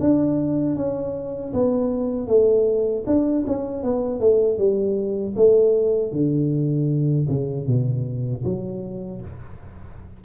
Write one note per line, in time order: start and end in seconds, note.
0.00 0.76 D4
0.76 1.53 C#4
1.53 2.27 B3
2.27 3.04 A3
3.07 3.45 D4
3.47 3.84 C#4
3.84 4.20 B3
4.20 4.58 A3
4.58 5.35 G3
5.36 6.12 A3
6.12 7.28 D3
7.29 7.67 C#3
7.67 8.44 B2
8.44 9.21 F#3